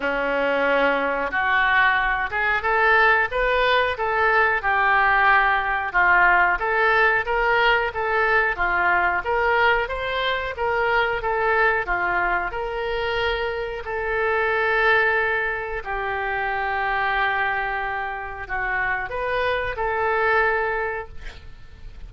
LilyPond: \new Staff \with { instrumentName = "oboe" } { \time 4/4 \tempo 4 = 91 cis'2 fis'4. gis'8 | a'4 b'4 a'4 g'4~ | g'4 f'4 a'4 ais'4 | a'4 f'4 ais'4 c''4 |
ais'4 a'4 f'4 ais'4~ | ais'4 a'2. | g'1 | fis'4 b'4 a'2 | }